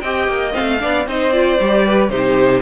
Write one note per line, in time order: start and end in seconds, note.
0.00 0.27 C4
0.00 0.52 G4
0.00 0.80 D#5
0.00 0.52 G5
0.27 0.53 A#3
0.52 0.78 C4
0.52 1.06 F5
0.59 0.83 A3
0.79 1.06 B3
0.79 1.05 D4
0.79 1.07 D5
1.06 1.58 C4
1.06 1.32 D#4
1.06 1.85 C5
1.06 1.32 D#5
1.32 1.58 F4
1.32 2.09 D5
1.60 2.09 G3
1.60 2.10 G4
1.85 2.11 B4
2.09 2.61 C3
2.09 2.61 D#4
2.09 2.61 G4
2.09 2.61 C5